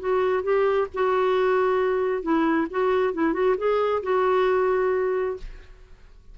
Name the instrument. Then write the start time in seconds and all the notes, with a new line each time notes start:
clarinet
0.00 F#4
0.44 G4
0.94 F#4
2.23 E4
2.71 F#4
3.14 E4
3.34 F#4
3.58 G#4
4.03 F#4